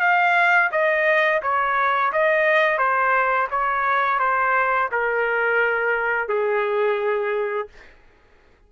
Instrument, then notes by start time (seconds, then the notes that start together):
trumpet
0.00 F5
0.72 D#5
1.42 C#5
2.13 D#5
2.78 C5
3.51 C#5
4.20 C5
4.92 A#4
6.29 G#4